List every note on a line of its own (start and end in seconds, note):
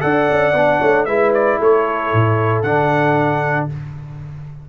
0.00 0.30 D4
0.00 0.52 A4
0.00 0.79 D5
0.00 1.05 F#5
0.31 0.53 C#4
0.53 0.79 B3
0.53 1.08 D4
0.79 1.07 A3
0.79 1.05 C#5
1.05 1.59 G#3
1.05 2.65 E4
1.05 1.58 B4
1.05 1.31 E5
1.34 1.60 D5
1.59 2.12 A3
1.59 3.67 A4
1.59 2.62 C#5
2.13 2.63 A2
2.62 3.68 D3
2.62 3.69 D4
2.62 3.67 F#5